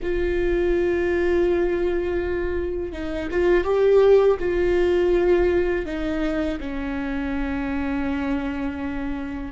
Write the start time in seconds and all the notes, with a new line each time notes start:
0.02 F4
2.92 D#4
3.30 F4
3.64 G4
4.39 F4
5.85 D#4
6.60 C#4